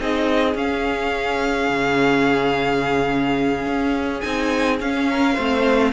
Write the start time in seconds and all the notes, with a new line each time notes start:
0.00 C4 D#4 G#4 D#5
0.55 C#4 F5
1.69 C#3
3.66 C#4
4.20 C4 D#4 G#5
4.80 C#4 F5
5.10 A#4
5.34 A3 C4 C5